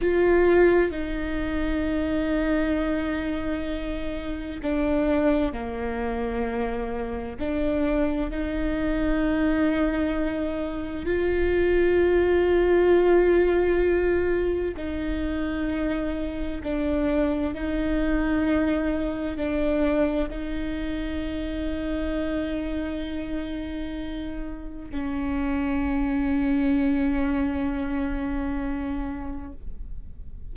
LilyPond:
\new Staff \with { instrumentName = "viola" } { \time 4/4 \tempo 4 = 65 f'4 dis'2.~ | dis'4 d'4 ais2 | d'4 dis'2. | f'1 |
dis'2 d'4 dis'4~ | dis'4 d'4 dis'2~ | dis'2. cis'4~ | cis'1 | }